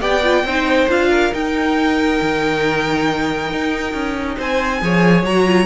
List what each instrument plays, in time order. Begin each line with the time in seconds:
0.00 cello B3, viola G4, violin D5 G5
0.23 viola F4
0.43 cello C4, viola D#4, violin C5
0.89 cello D4, viola F4, violin F5
1.09 violin A#4
1.32 viola D#4, cello D#4, violin G5
2.21 cello D#3
3.52 cello D#4
3.93 cello C#4
4.36 cello C4, violin C5 G#5
4.81 cello F3, viola G#4, violin C#5
5.23 cello F#3, viola F#4, violin A#5
5.47 viola F4